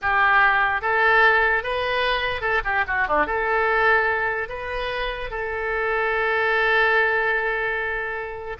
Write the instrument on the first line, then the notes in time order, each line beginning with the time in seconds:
oboe
0.01 G4
0.81 A4
1.63 B4
2.41 A4
2.64 G4
2.87 F#4
3.07 D4
3.26 A4
4.48 B4
5.30 A4